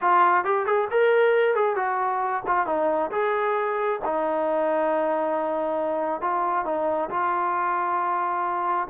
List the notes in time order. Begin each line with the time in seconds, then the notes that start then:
0.01 F4
0.44 G4
0.65 G#4
0.90 A#4
1.54 G#4
1.76 F#4
2.46 F4
2.66 D#4
3.11 G#4
4.04 D#4
6.21 F4
6.65 D#4
7.10 F4